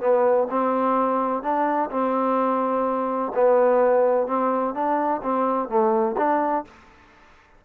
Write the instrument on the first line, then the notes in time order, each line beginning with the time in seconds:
trombone
0.00 B3
0.50 C4
1.42 D4
1.90 C4
3.34 B3
4.27 C4
4.74 D4
5.22 C4
5.68 A3
6.17 D4